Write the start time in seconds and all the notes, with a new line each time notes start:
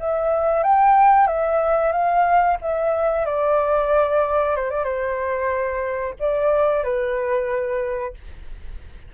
0.00 E5
0.64 G5
1.27 E5
1.92 F5
2.62 E5
3.26 D5
4.56 C5
4.71 D5
4.84 C5
6.20 D5
6.84 B4